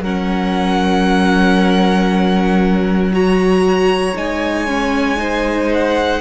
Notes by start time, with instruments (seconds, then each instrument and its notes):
0.00 cello F#3, viola C#4, violin A#4 F#5
3.12 viola F#4, violin C#5 A#5
4.16 cello G#3, viola D#4, violin G#5
4.68 viola C#4
5.17 viola D#4, violin C5
5.73 violin F#5